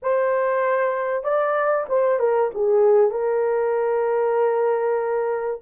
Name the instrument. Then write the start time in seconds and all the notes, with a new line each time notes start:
horn
0.02 C5
1.23 D5
1.89 C5
2.19 A#4
2.54 G#4
3.10 A#4